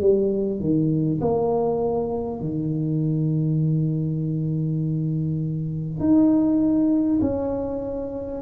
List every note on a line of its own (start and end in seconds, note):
0.00 0.60 G3
0.60 1.20 D#3
1.20 2.40 A#3
2.40 5.99 D#3
5.99 7.19 D#4
7.21 8.41 C#4